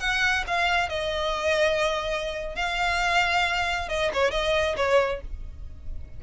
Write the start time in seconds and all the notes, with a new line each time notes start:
0.00 F#5
0.47 F5
0.89 D#5
2.56 F5
3.89 D#5
4.14 C#5
4.31 D#5
4.77 C#5